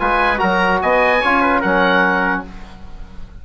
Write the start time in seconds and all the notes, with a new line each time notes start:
0.00 G#3 F4 B4 G#5
0.38 F#3 F#4 A#4 A#5
0.82 B3 D#5 G#5
1.22 C#4 F4 C#5
1.42 B4
1.60 F#3 C#4 A#4 F#5